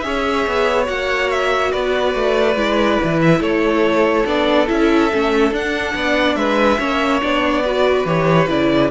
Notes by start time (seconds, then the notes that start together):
0.00 C#4 G#4 C#5 E5
0.47 B3
0.85 A#3 F#4 F#5
1.31 E5
1.72 B3 B4 D5
2.15 A3
2.56 G#3 E4
3.04 E3
3.21 E5
3.40 A3 A4 C#5
4.26 B3 D4 D5
4.68 C#4 E4 E5
5.12 A3 C#4
5.52 D4 F#5
5.95 B3 D5
6.36 G#3 B4 E5
6.79 A#3 C#4 C#5
7.22 B3 D4 D5
7.65 F#4 B4
8.05 E3 G4 C#5
8.48 C#3 E4 D5